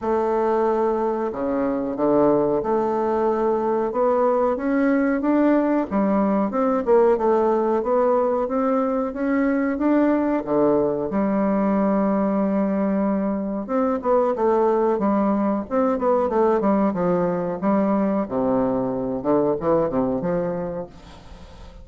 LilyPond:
\new Staff \with { instrumentName = "bassoon" } { \time 4/4 \tempo 4 = 92 a2 cis4 d4 | a2 b4 cis'4 | d'4 g4 c'8 ais8 a4 | b4 c'4 cis'4 d'4 |
d4 g2.~ | g4 c'8 b8 a4 g4 | c'8 b8 a8 g8 f4 g4 | c4. d8 e8 c8 f4 | }